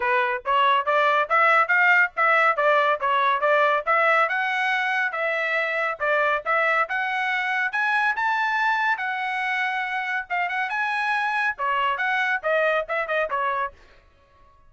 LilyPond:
\new Staff \with { instrumentName = "trumpet" } { \time 4/4 \tempo 4 = 140 b'4 cis''4 d''4 e''4 | f''4 e''4 d''4 cis''4 | d''4 e''4 fis''2 | e''2 d''4 e''4 |
fis''2 gis''4 a''4~ | a''4 fis''2. | f''8 fis''8 gis''2 cis''4 | fis''4 dis''4 e''8 dis''8 cis''4 | }